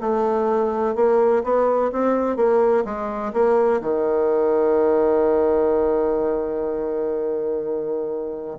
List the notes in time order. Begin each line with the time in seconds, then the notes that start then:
0.00 A3
0.95 A#3
1.43 B3
1.92 C4
2.36 A#3
2.84 G#3
3.33 A#3
3.81 D#3